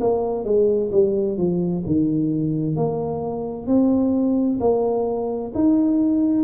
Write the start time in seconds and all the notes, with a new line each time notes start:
0.00 A#3
0.44 G#3
0.91 G3
1.37 F3
1.85 D#3
2.76 A#3
3.66 C4
4.59 A#3
5.54 D#4